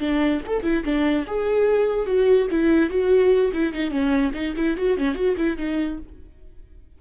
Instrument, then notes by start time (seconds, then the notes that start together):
viola
0.00 D4
0.47 A4
0.63 E4
0.85 D4
1.27 G#4
2.06 F#4
2.51 E4
2.90 F#4
3.53 E4
3.73 D#4
3.91 C#4
4.34 D#4
4.57 E4
4.77 F#4
4.98 C#4
5.15 F#4
5.37 E4
5.58 D#4